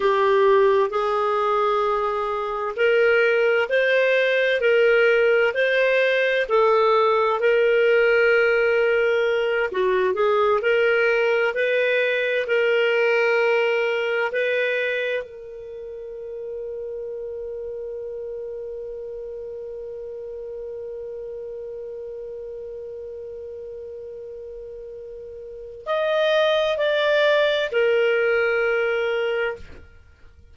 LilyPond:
\new Staff \with { instrumentName = "clarinet" } { \time 4/4 \tempo 4 = 65 g'4 gis'2 ais'4 | c''4 ais'4 c''4 a'4 | ais'2~ ais'8 fis'8 gis'8 ais'8~ | ais'8 b'4 ais'2 b'8~ |
b'8 ais'2.~ ais'8~ | ais'1~ | ais'1 | dis''4 d''4 ais'2 | }